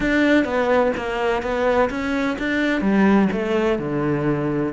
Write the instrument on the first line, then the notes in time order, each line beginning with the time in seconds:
cello
0.00 D4
0.44 B3
0.96 A#3
1.42 B3
1.89 C#4
2.38 D4
2.81 G3
3.32 A3
3.78 D3